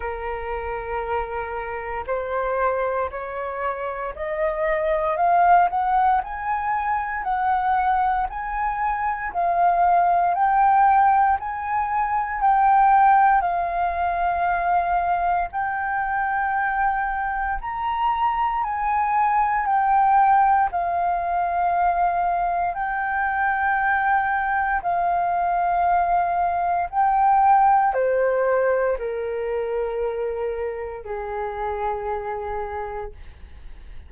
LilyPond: \new Staff \with { instrumentName = "flute" } { \time 4/4 \tempo 4 = 58 ais'2 c''4 cis''4 | dis''4 f''8 fis''8 gis''4 fis''4 | gis''4 f''4 g''4 gis''4 | g''4 f''2 g''4~ |
g''4 ais''4 gis''4 g''4 | f''2 g''2 | f''2 g''4 c''4 | ais'2 gis'2 | }